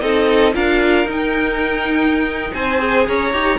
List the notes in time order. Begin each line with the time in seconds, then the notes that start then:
0.00 C4 D#4 A4 D#5
0.53 D4 F4 A#4 F5
1.05 D#4
1.11 G5
2.54 C4 C5 G#5
2.78 G#4
3.08 C#4 C#5 A#5
3.33 D#4 G4